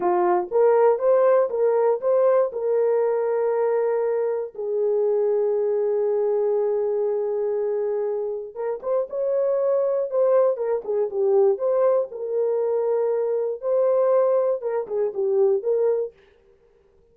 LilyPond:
\new Staff \with { instrumentName = "horn" } { \time 4/4 \tempo 4 = 119 f'4 ais'4 c''4 ais'4 | c''4 ais'2.~ | ais'4 gis'2.~ | gis'1~ |
gis'4 ais'8 c''8 cis''2 | c''4 ais'8 gis'8 g'4 c''4 | ais'2. c''4~ | c''4 ais'8 gis'8 g'4 ais'4 | }